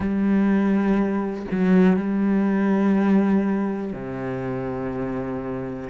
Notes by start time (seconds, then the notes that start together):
0.00 G3
1.51 F#3
1.96 G3
3.92 C3